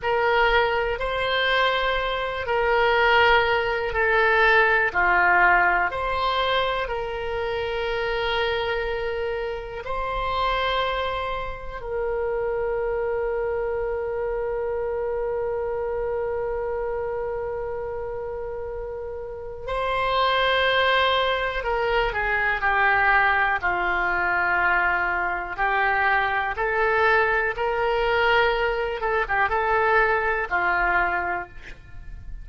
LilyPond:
\new Staff \with { instrumentName = "oboe" } { \time 4/4 \tempo 4 = 61 ais'4 c''4. ais'4. | a'4 f'4 c''4 ais'4~ | ais'2 c''2 | ais'1~ |
ais'1 | c''2 ais'8 gis'8 g'4 | f'2 g'4 a'4 | ais'4. a'16 g'16 a'4 f'4 | }